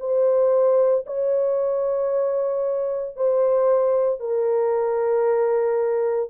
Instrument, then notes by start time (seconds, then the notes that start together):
horn
0.00 C5
1.06 C#5
3.16 C5
4.20 A#4